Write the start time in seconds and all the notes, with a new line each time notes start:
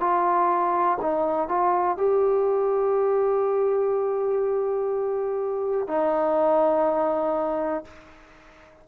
0.00 F4
1.02 D#4
1.49 F4
1.98 G4
5.88 D#4